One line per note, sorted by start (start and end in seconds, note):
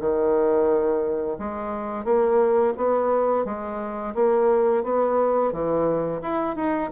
0.00 1.38 D#3
1.39 2.04 G#3
2.04 2.73 A#3
2.77 3.45 B3
3.45 4.14 G#3
4.14 4.83 A#3
4.83 5.52 B3
5.52 6.21 E3
6.22 6.56 E4
6.56 6.90 D#4